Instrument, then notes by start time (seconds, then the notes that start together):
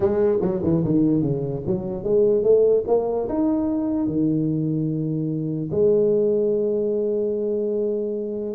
tuba
0.00 G#3
0.41 F#3
0.63 E3
0.84 D#3
1.22 C#3
1.66 F#3
2.03 G#3
2.43 A3
2.87 A#3
3.28 D#4
4.06 D#3
5.71 G#3